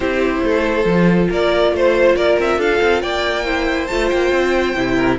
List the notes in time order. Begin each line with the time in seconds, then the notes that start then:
0.00 C4 E4 G4 C5
0.42 A3 A4
0.84 F3
0.90 F4
1.29 A#3 A#4 D5
1.72 A3 C5
2.16 A#3 A#4 D5
2.38 C4 E5
2.57 D4 A4 F5
2.81 C4
3.01 A#3 D5 G5
3.44 E4 C5
3.87 A3 F4 A5
4.09 A#3 G5
4.31 C4
4.76 C3 E4
4.95 A#4